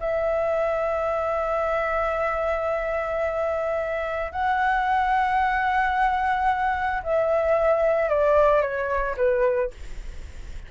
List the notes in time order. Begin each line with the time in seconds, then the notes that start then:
0.00 E5
4.32 F#5
7.03 E5
8.09 D5
8.61 C#5
9.17 B4